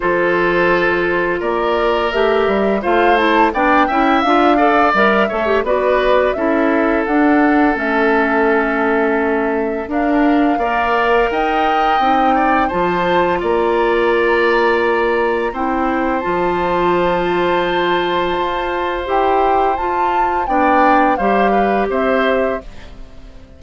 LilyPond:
<<
  \new Staff \with { instrumentName = "flute" } { \time 4/4 \tempo 4 = 85 c''2 d''4 e''4 | f''8 a''8 g''4 f''4 e''4 | d''4 e''4 fis''4 e''4~ | e''2 f''2 |
g''2 a''4 ais''4~ | ais''2 g''4 a''4~ | a''2. g''4 | a''4 g''4 f''4 e''4 | }
  \new Staff \with { instrumentName = "oboe" } { \time 4/4 a'2 ais'2 | c''4 d''8 e''4 d''4 cis''8 | b'4 a'2.~ | a'2 ais'4 d''4 |
dis''4. d''8 c''4 d''4~ | d''2 c''2~ | c''1~ | c''4 d''4 c''8 b'8 c''4 | }
  \new Staff \with { instrumentName = "clarinet" } { \time 4/4 f'2. g'4 | f'8 e'8 d'8 e'8 f'8 a'8 ais'8 a'16 g'16 | fis'4 e'4 d'4 cis'4~ | cis'2 d'4 ais'4~ |
ais'4 dis'4 f'2~ | f'2 e'4 f'4~ | f'2. g'4 | f'4 d'4 g'2 | }
  \new Staff \with { instrumentName = "bassoon" } { \time 4/4 f2 ais4 a8 g8 | a4 b8 cis'8 d'4 g8 a8 | b4 cis'4 d'4 a4~ | a2 d'4 ais4 |
dis'4 c'4 f4 ais4~ | ais2 c'4 f4~ | f2 f'4 e'4 | f'4 b4 g4 c'4 | }
>>